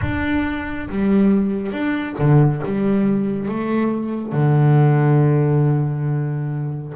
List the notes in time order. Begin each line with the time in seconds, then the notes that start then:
0.01 D4
0.89 G3
1.72 D4
2.18 D3
2.64 G3
3.48 A3
4.32 D3